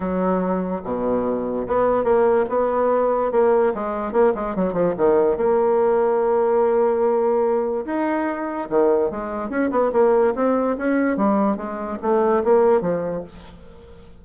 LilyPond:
\new Staff \with { instrumentName = "bassoon" } { \time 4/4 \tempo 4 = 145 fis2 b,2 | b4 ais4 b2 | ais4 gis4 ais8 gis8 fis8 f8 | dis4 ais2.~ |
ais2. dis'4~ | dis'4 dis4 gis4 cis'8 b8 | ais4 c'4 cis'4 g4 | gis4 a4 ais4 f4 | }